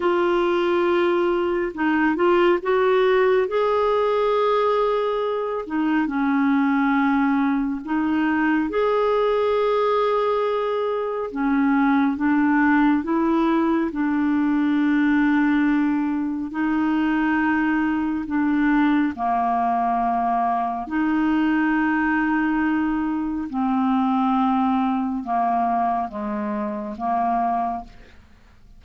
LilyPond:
\new Staff \with { instrumentName = "clarinet" } { \time 4/4 \tempo 4 = 69 f'2 dis'8 f'8 fis'4 | gis'2~ gis'8 dis'8 cis'4~ | cis'4 dis'4 gis'2~ | gis'4 cis'4 d'4 e'4 |
d'2. dis'4~ | dis'4 d'4 ais2 | dis'2. c'4~ | c'4 ais4 gis4 ais4 | }